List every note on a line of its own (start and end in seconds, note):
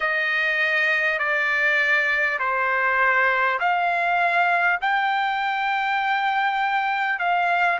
0.00 1.18 D#5
1.18 2.38 D5
2.39 3.59 C5
3.59 4.79 F5
4.81 7.19 G5
7.19 7.79 F5